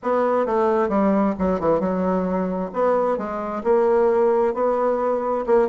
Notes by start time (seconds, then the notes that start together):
0.02 B3
0.45 A3
0.88 G3
1.38 F#3
1.60 E3
1.80 F#3
2.73 B3
3.17 G#3
3.63 A#3
4.54 B3
5.46 A#3